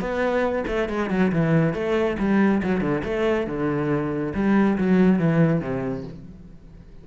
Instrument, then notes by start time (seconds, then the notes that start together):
cello
0.00 B3
0.67 A3
0.89 G#3
1.10 F#3
1.32 E3
1.74 A3
2.19 G3
2.63 F#3
2.81 D3
3.04 A3
3.47 D3
4.34 G3
4.78 F#3
5.19 E3
5.61 C3